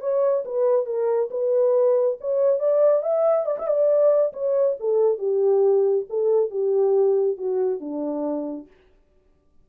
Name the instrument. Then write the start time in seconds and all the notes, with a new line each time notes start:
horn
0.00 C#5
0.45 B4
0.86 A#4
1.30 B4
2.21 C#5
2.59 D5
3.02 E5
3.46 D5
3.58 E5
3.67 D5
4.33 C#5
4.80 A4
5.18 G4
6.09 A4
6.50 G4
7.37 F#4
7.80 D4